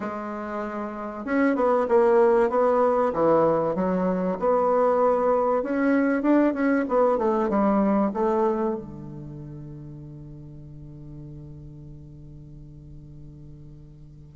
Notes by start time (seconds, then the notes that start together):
0.00 G#3
1.25 C#4
1.55 B3
1.88 A#3
2.49 B3
3.13 E3
3.75 F#3
4.39 B3
5.62 C#4
6.22 D4
6.53 C#4
6.88 B3
7.17 A3
7.49 G3
8.13 A3
8.75 D3